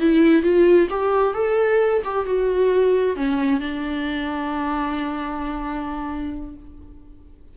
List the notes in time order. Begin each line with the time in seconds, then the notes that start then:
0.00 E4
0.42 F4
0.90 G4
1.34 A4
2.04 G4
2.26 F#4
3.16 C#4
3.60 D4